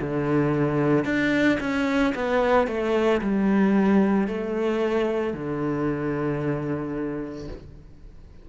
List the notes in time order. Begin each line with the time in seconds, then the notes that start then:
0.00 D3
1.04 D4
1.60 C#4
2.14 B3
2.67 A3
3.21 G3
4.27 A3
5.33 D3